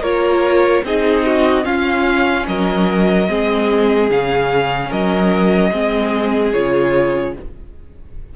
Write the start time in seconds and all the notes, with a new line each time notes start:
0.00 A#3 F4 A#4 C#5
0.84 C4 D#4 G#4 D#5
1.26 F#4
1.64 C#4 F4 F5
2.48 F#3 A#4 D#5
3.29 G#3 C4 G#4
4.10 C#3 C#4 F5
4.89 F#3 A#4 D#5
5.71 G#3 C4 G#4
6.53 C#3 F4 C#5